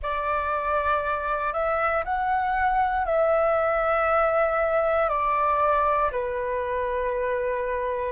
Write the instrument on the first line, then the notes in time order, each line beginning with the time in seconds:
flute
0.02 D5
1.53 E5
2.04 F#5
3.05 E5
5.09 D5
6.11 B4